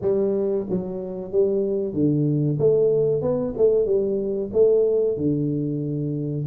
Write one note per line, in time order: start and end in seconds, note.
0.01 0.66 G3
0.69 1.31 F#3
1.31 1.93 G3
1.93 2.58 D3
2.59 3.21 A3
3.21 3.53 B3
3.57 3.85 A3
3.85 4.50 G3
4.52 5.17 A3
5.17 6.46 D3